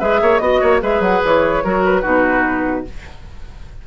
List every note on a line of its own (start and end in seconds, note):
0.00 0.22 G#3
0.00 0.41 G#4
0.00 0.21 B4
0.00 0.38 E5
0.22 0.40 A#3
0.22 0.42 C#5
0.38 0.61 B3
0.38 0.81 F#4
0.38 0.79 D#5
0.38 0.61 D#5
0.61 0.82 A#3
0.61 0.81 C#5
0.81 1.00 G#3
0.81 1.63 G#4
0.81 1.64 B4
0.81 1.02 E5
1.00 1.20 F#3
1.00 1.22 F#5
1.25 1.64 E3
1.25 1.84 C#5
1.64 2.05 F#3
1.64 2.03 F#4
1.64 2.01 A#4
1.84 2.86 B4
2.01 2.87 B2
2.01 2.85 D#4
2.01 2.84 F#4